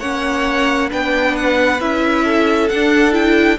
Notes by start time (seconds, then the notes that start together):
0.00 A#3 C#4 C#5 F#5
0.90 B3 D4 B4 G5
1.36 F#5
1.80 C#4 E4 E5
2.24 A4
2.69 D4 F#5
3.12 E4 G5